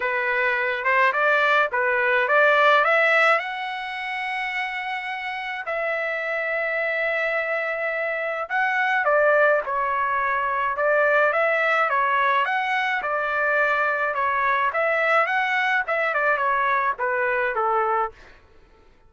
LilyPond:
\new Staff \with { instrumentName = "trumpet" } { \time 4/4 \tempo 4 = 106 b'4. c''8 d''4 b'4 | d''4 e''4 fis''2~ | fis''2 e''2~ | e''2. fis''4 |
d''4 cis''2 d''4 | e''4 cis''4 fis''4 d''4~ | d''4 cis''4 e''4 fis''4 | e''8 d''8 cis''4 b'4 a'4 | }